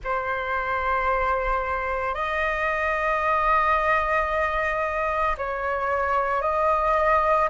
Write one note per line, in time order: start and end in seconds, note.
0.04 2.14 C5
2.14 5.36 D#5
5.37 6.41 C#5
6.41 7.49 D#5